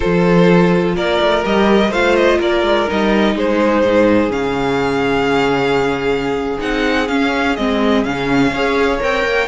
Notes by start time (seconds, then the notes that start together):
0.00 F3 F4 A4 C5
0.95 A#3 A#4 D5
1.20 A3
1.43 G3 G4 D#5
1.90 A3 F4 C5 F5
2.15 D#5
2.39 A#3 A#4 D5
2.62 G#3
2.88 G3 D#4 D#5
3.35 G#3 G#4 C5
3.83 G#2
4.29 C#3 C#4 F5
6.58 C4 D#4 F#5
7.08 C#4 F5
7.55 G#3 C4 D#5
8.03 C#3 C#4 F5
8.51 C#4 G#4 C#5
8.99 C4 A#4 G5
9.24 A#3